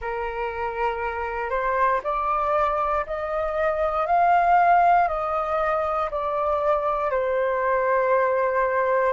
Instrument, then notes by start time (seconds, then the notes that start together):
flute
0.00 A#4
1.50 C5
2.03 D5
3.06 D#5
4.06 F5
5.08 D#5
6.11 D5
7.10 C5